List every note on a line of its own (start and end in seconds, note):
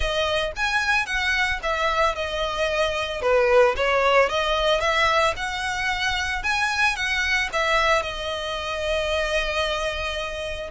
0.00 0.52 D#5
0.56 1.06 G#5
1.06 1.59 F#5
1.62 2.15 E5
2.15 3.21 D#5
3.21 3.75 B4
3.76 4.29 C#5
4.29 4.80 D#5
4.80 5.34 E5
5.36 6.43 F#5
6.43 6.95 G#5
6.95 7.49 F#5
7.52 8.02 E5
8.02 10.70 D#5